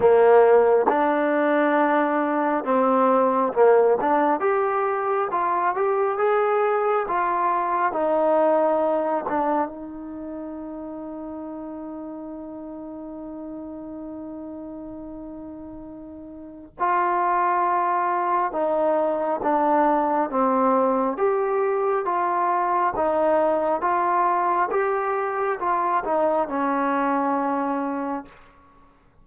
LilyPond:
\new Staff \with { instrumentName = "trombone" } { \time 4/4 \tempo 4 = 68 ais4 d'2 c'4 | ais8 d'8 g'4 f'8 g'8 gis'4 | f'4 dis'4. d'8 dis'4~ | dis'1~ |
dis'2. f'4~ | f'4 dis'4 d'4 c'4 | g'4 f'4 dis'4 f'4 | g'4 f'8 dis'8 cis'2 | }